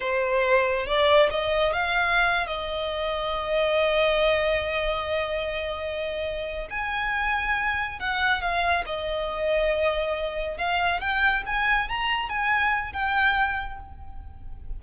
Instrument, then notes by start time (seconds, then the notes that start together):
violin
0.00 C5
0.86 D5
1.30 D#5
1.72 F5
2.46 D#5
6.70 G#5
7.99 F#5
8.41 F5
8.86 D#5
10.57 F5
11.00 G5
11.46 G#5
11.88 A#5
12.29 G#5
12.93 G5